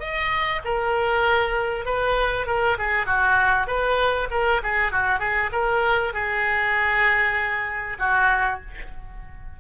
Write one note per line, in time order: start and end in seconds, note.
0.00 0.61 D#5
0.65 1.86 A#4
1.86 2.47 B4
2.47 2.77 A#4
2.79 3.06 G#4
3.06 3.67 F#4
3.67 4.29 B4
4.31 4.61 A#4
4.63 4.92 G#4
4.92 5.20 F#4
5.20 5.50 G#4
5.53 6.14 A#4
6.14 7.98 G#4
7.99 8.60 F#4